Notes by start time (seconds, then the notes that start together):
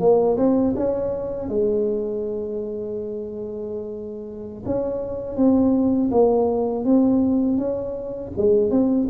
0.00 A#3
0.37 C4
0.76 C#4
1.49 G#3
4.66 C#4
5.36 C4
6.11 A#3
6.85 C4
7.58 C#4
8.37 G#3
8.71 C4